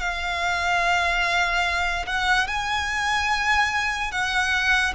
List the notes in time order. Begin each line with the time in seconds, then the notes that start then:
0.00 F5
2.07 F#5
2.47 G#5
4.12 F#5